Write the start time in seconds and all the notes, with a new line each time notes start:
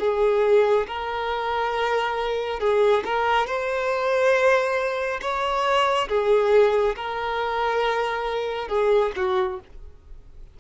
0.00 G#4
0.87 A#4
2.60 G#4
3.06 A#4
3.47 C5
5.22 C#5
6.09 G#4
6.96 A#4
8.69 G#4
9.17 F#4